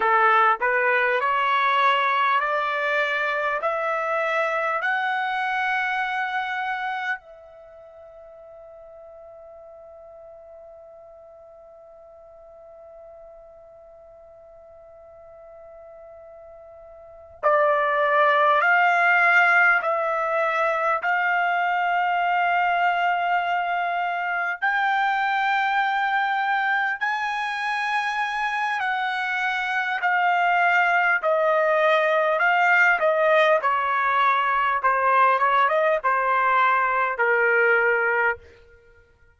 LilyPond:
\new Staff \with { instrumentName = "trumpet" } { \time 4/4 \tempo 4 = 50 a'8 b'8 cis''4 d''4 e''4 | fis''2 e''2~ | e''1~ | e''2~ e''8 d''4 f''8~ |
f''8 e''4 f''2~ f''8~ | f''8 g''2 gis''4. | fis''4 f''4 dis''4 f''8 dis''8 | cis''4 c''8 cis''16 dis''16 c''4 ais'4 | }